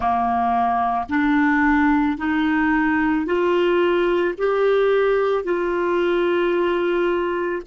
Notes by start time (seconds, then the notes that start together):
0.00 A#3
1.09 D4
2.17 D#4
3.25 F4
4.37 G4
5.43 F4